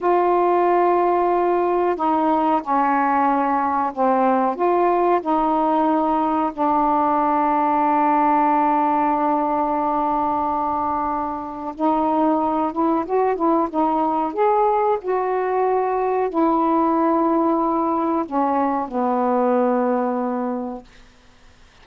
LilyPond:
\new Staff \with { instrumentName = "saxophone" } { \time 4/4 \tempo 4 = 92 f'2. dis'4 | cis'2 c'4 f'4 | dis'2 d'2~ | d'1~ |
d'2 dis'4. e'8 | fis'8 e'8 dis'4 gis'4 fis'4~ | fis'4 e'2. | cis'4 b2. | }